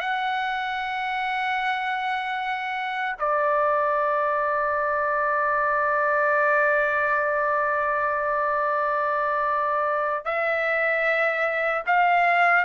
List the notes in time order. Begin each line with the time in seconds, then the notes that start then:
0.00 F#5
3.19 D5
10.25 E5
11.86 F5